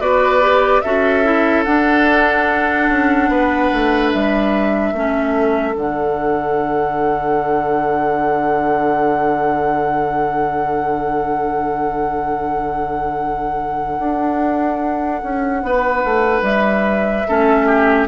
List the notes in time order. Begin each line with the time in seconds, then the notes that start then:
0.00 B3 F#4 B4 D5
0.42 G4
0.81 C#4 F#4 A4 E5
1.24 E4
1.64 D4 F#5
2.89 C#4
3.29 B3 B4
3.73 A3
4.12 G3 E5
4.93 A3 C#4 A4
5.74 D3 D4 F#5
13.99 D4
15.23 C#4
15.63 B3 B4
16.05 A3
16.42 G3 E5
17.28 A3 C#4 A4
17.66 G4